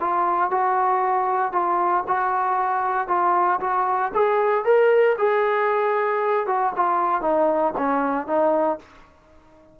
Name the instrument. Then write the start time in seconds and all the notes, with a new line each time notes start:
trombone
0.00 F4
0.50 F#4
1.52 F4
2.07 F#4
3.08 F4
3.60 F#4
4.14 G#4
4.64 A#4
5.17 G#4
6.46 F#4
6.76 F4
7.21 D#4
7.77 C#4
8.26 D#4